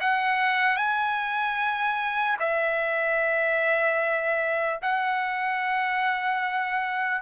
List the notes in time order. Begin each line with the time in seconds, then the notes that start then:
0.00 F#5
0.76 G#5
2.39 E5
4.81 F#5